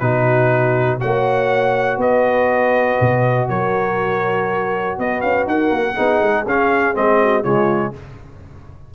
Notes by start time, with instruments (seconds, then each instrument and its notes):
0.00 tuba B2, trombone D#4, horn F#4, trumpet B4
1.00 tuba A#3, trombone F#4, horn C#5, trumpet F#5
1.98 tuba B3, horn B4, trumpet D#5
3.01 tuba B2
3.49 tuba F#3, horn A#4, trumpet C#5
4.99 tuba B3, horn B4, trumpet D#5
5.21 tuba C#4, trumpet F5
5.47 tuba D#4, horn A#4, trumpet F#5
5.71 tuba A#3
5.95 tuba B3, trombone D#4, horn G#4
6.22 tuba G#3
6.46 tuba C#4, trombone C#4, trumpet F5
6.94 tuba G#3, trombone C4, trumpet D#5
7.22 horn F#4
7.43 tuba C#3, trombone G#3, horn F4, trumpet C#5